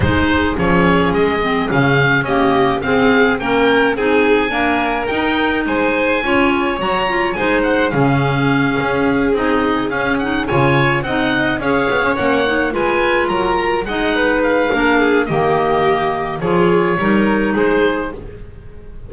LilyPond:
<<
  \new Staff \with { instrumentName = "oboe" } { \time 4/4 \tempo 4 = 106 c''4 cis''4 dis''4 f''4 | dis''4 f''4 g''4 gis''4~ | gis''4 g''4 gis''2 | ais''4 gis''8 fis''8 f''2~ |
f''8 dis''4 f''8 fis''8 gis''4 fis''8~ | fis''8 f''4 fis''4 gis''4 ais''8~ | ais''8 fis''4 f''4. dis''4~ | dis''4 cis''2 c''4 | }
  \new Staff \with { instrumentName = "violin" } { \time 4/4 gis'1 | g'4 gis'4 ais'4 gis'4 | ais'2 c''4 cis''4~ | cis''4 c''4 gis'2~ |
gis'2~ gis'8 cis''4 dis''8~ | dis''8 cis''2 b'4 ais'8~ | ais'8 dis''8 b'4 ais'8 gis'8 g'4~ | g'4 gis'4 ais'4 gis'4 | }
  \new Staff \with { instrumentName = "clarinet" } { \time 4/4 dis'4 cis'4. c'8 cis'4 | ais4 c'4 cis'4 dis'4 | ais4 dis'2 f'4 | fis'8 f'8 dis'4 cis'2~ |
cis'8 dis'4 cis'8 dis'8 f'4 dis'8~ | dis'8 gis'4 cis'8 dis'8 f'4.~ | f'8 dis'4. d'4 ais4~ | ais4 f'4 dis'2 | }
  \new Staff \with { instrumentName = "double bass" } { \time 4/4 gis4 f4 gis4 cis4 | cis'4 c'4 ais4 c'4 | d'4 dis'4 gis4 cis'4 | fis4 gis4 cis4. cis'8~ |
cis'8 c'4 cis'4 cis4 c'8~ | c'8 cis'8 b16 cis'16 ais4 gis4 fis8~ | fis8 gis4. ais4 dis4~ | dis4 f4 g4 gis4 | }
>>